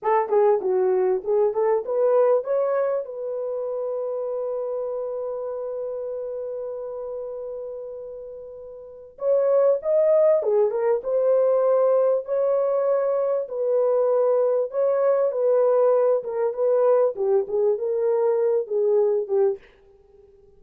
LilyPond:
\new Staff \with { instrumentName = "horn" } { \time 4/4 \tempo 4 = 98 a'8 gis'8 fis'4 gis'8 a'8 b'4 | cis''4 b'2.~ | b'1~ | b'2. cis''4 |
dis''4 gis'8 ais'8 c''2 | cis''2 b'2 | cis''4 b'4. ais'8 b'4 | g'8 gis'8 ais'4. gis'4 g'8 | }